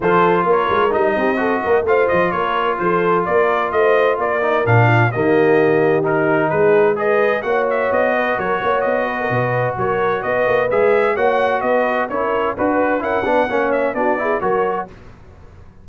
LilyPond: <<
  \new Staff \with { instrumentName = "trumpet" } { \time 4/4 \tempo 4 = 129 c''4 cis''4 dis''2 | f''8 dis''8 cis''4 c''4 d''4 | dis''4 d''4 f''4 dis''4~ | dis''4 ais'4 b'4 dis''4 |
fis''8 e''8 dis''4 cis''4 dis''4~ | dis''4 cis''4 dis''4 e''4 | fis''4 dis''4 cis''4 b'4 | fis''4. e''8 d''4 cis''4 | }
  \new Staff \with { instrumentName = "horn" } { \time 4/4 a'4 ais'4. g'8 a'8 ais'8 | c''4 ais'4 a'4 ais'4 | c''4 ais'4. f'8 g'4~ | g'2 gis'4 b'4 |
cis''4. b'8 ais'8 cis''4 b'16 ais'16 | b'4 ais'4 b'2 | cis''4 b'4 ais'4 b'4 | ais'8 b'8 cis''4 fis'8 gis'8 ais'4 | }
  \new Staff \with { instrumentName = "trombone" } { \time 4/4 f'2 dis'4 fis'4 | f'1~ | f'4. dis'8 d'4 ais4~ | ais4 dis'2 gis'4 |
fis'1~ | fis'2. gis'4 | fis'2 e'4 fis'4 | e'8 d'8 cis'4 d'8 e'8 fis'4 | }
  \new Staff \with { instrumentName = "tuba" } { \time 4/4 f4 ais8 gis8 g8 c'4 ais8 | a8 f8 ais4 f4 ais4 | a4 ais4 ais,4 dis4~ | dis2 gis2 |
ais4 b4 fis8 ais8 b4 | b,4 fis4 b8 ais8 gis4 | ais4 b4 cis'4 d'4 | cis'8 b8 ais4 b4 fis4 | }
>>